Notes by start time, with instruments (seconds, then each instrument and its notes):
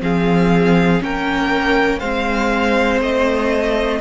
0.00 cello F3, viola C4, violin G#4 F5
1.00 cello A#3, viola C#4, violin A#4 G5
1.99 cello G#3, viola C4, violin C5 F5
3.01 cello A3, violin D#5